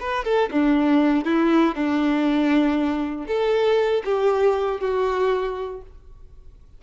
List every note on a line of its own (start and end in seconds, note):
0.00 0.24 B4
0.24 0.50 A4
0.51 1.25 D4
1.25 1.75 E4
1.75 3.26 D4
3.27 4.03 A4
4.05 4.81 G4
4.81 5.81 F#4